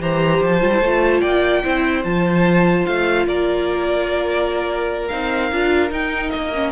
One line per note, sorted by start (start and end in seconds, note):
0.00 0.41 E3
0.00 0.60 G4
0.00 1.22 C5
0.00 0.43 A#5
0.42 0.62 F3
0.42 1.21 A5
0.60 0.81 G3
0.60 0.70 F4
0.73 0.83 E4
0.81 1.22 A3
0.81 1.64 F4
1.21 1.64 A#3
1.21 1.63 D5
1.21 2.03 G5
1.63 2.05 C4
1.63 2.04 E4
1.63 3.27 C5
2.04 2.87 F3
2.04 5.10 F4
2.04 2.86 A5
2.86 3.26 A3
2.86 3.27 F5
3.26 5.10 A#3
3.26 6.73 A#4
3.26 5.08 D5
5.08 5.52 C4
5.08 5.52 D#4
5.08 5.90 F5
5.52 5.91 D4
5.52 5.91 F4
5.91 6.52 D#4
5.91 6.31 D#4
5.91 6.30 G5
6.30 6.73 A#3
6.30 6.71 D#5
6.55 6.73 C#4